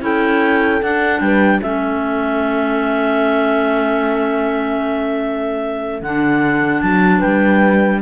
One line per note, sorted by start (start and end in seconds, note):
0.00 0.81 C#4
0.00 0.80 E4
0.00 1.23 A4
0.00 0.83 G5
0.82 1.20 D4
0.82 1.62 D4
0.82 1.20 F#5
1.20 1.60 G3
1.20 1.61 B4
1.20 1.60 G5
1.61 6.01 A3
1.61 6.02 C#4
1.61 7.18 A4
1.61 6.02 E5
6.01 6.81 D3
6.01 8.02 D4
6.01 6.81 F#5
6.81 7.22 F#3
6.81 7.20 A5
7.18 8.02 G3
7.18 7.98 B4
7.18 8.00 G5